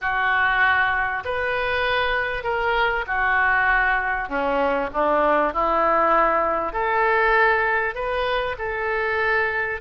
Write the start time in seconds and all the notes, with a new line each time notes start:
0.01 F#4
1.24 B4
2.43 A#4
3.06 F#4
4.29 C#4
4.93 D4
5.53 E4
6.72 A4
7.95 B4
8.58 A4